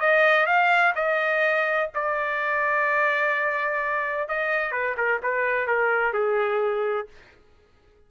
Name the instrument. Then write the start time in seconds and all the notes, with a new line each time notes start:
trumpet
0.00 D#5
0.46 F5
0.95 D#5
1.94 D5
4.28 D#5
4.71 B4
4.97 A#4
5.23 B4
5.67 A#4
6.13 G#4